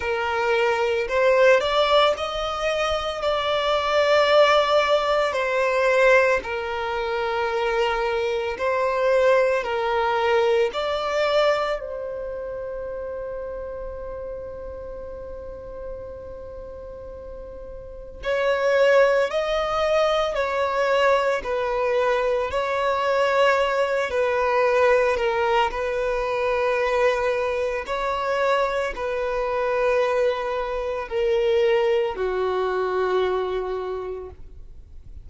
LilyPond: \new Staff \with { instrumentName = "violin" } { \time 4/4 \tempo 4 = 56 ais'4 c''8 d''8 dis''4 d''4~ | d''4 c''4 ais'2 | c''4 ais'4 d''4 c''4~ | c''1~ |
c''4 cis''4 dis''4 cis''4 | b'4 cis''4. b'4 ais'8 | b'2 cis''4 b'4~ | b'4 ais'4 fis'2 | }